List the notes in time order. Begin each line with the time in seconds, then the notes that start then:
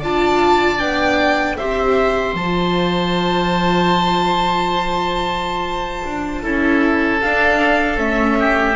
0.00 D4 F4 D5 A5
0.79 B3 D4 G5
1.58 C4 G4 C5 E5
2.34 F3 F4 A5
6.05 D4
6.43 C#4 E4 A4
7.22 D4 F5
7.97 A3 C#4 E5
8.40 G4